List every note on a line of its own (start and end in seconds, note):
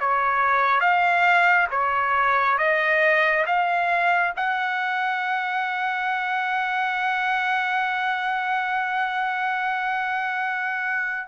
0.00 0.80 C#5
0.80 1.67 F5
1.71 2.58 C#5
2.58 3.45 D#5
3.46 4.33 F5
4.36 11.28 F#5